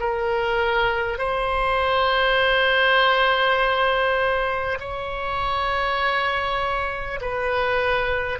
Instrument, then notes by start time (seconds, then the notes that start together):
oboe
0.00 A#4
1.18 C5
4.80 C#5
7.21 B4